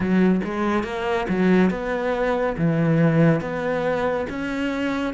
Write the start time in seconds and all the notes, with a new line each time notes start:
0.00 F#3
0.44 G#3
0.83 A#3
1.29 F#3
1.70 B3
2.57 E3
3.41 B3
4.29 C#4